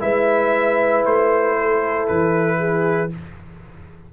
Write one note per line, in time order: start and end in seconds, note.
0.00 1.05 G#3
0.00 3.10 E4
0.00 1.58 B4
0.00 1.05 E5
1.06 2.09 A3
1.06 2.08 C5
1.61 2.59 A4
2.08 3.13 E3
2.08 3.11 B4
2.59 3.11 G#4